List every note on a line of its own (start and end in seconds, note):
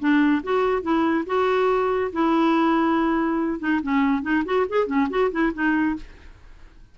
0.00 0.43 D4
0.44 0.83 F#4
0.83 1.25 E4
1.26 2.12 F#4
2.13 3.60 E4
3.60 3.81 D#4
3.83 4.23 C#4
4.23 4.44 D#4
4.45 4.67 F#4
4.69 4.87 G#4
4.87 5.08 C#4
5.10 5.32 F#4
5.32 5.53 E4
5.54 5.97 D#4